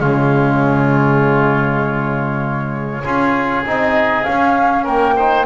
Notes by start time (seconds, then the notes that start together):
0.00 C#3 G#3 F4 C#5
3.03 C#4 F4 G#4
3.65 C4 D#4 D#5
4.24 C#4 F5
4.84 A#3 A#4 G5
5.17 D#4 C5